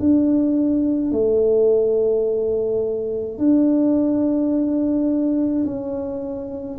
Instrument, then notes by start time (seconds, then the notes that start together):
tuba
0.00 D4
1.12 A3
3.39 D4
5.65 C#4